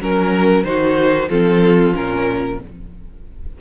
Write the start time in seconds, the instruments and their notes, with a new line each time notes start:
0.00 cello F#3, viola C#4, violin A#4
0.65 cello D#3, viola D#4, violin F#4 C5
1.29 cello F3, viola C4, violin F4 A4
1.94 cello A#2, viola C#4, violin A#4